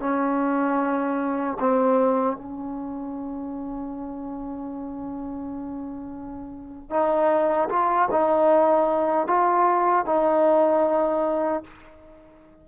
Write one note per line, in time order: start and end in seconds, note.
0.00 1.58 C#4
1.60 2.37 C4
2.37 6.90 C#4
6.90 7.69 D#4
7.70 8.09 F4
8.12 9.28 D#4
9.28 10.06 F4
10.06 11.64 D#4